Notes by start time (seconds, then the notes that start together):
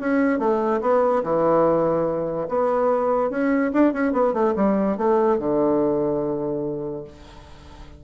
0.00 C#4
0.39 A3
0.81 B3
1.24 E3
2.49 B3
3.30 C#4
3.73 D4
3.93 C#4
4.13 B3
4.34 A3
4.56 G3
4.98 A3
5.39 D3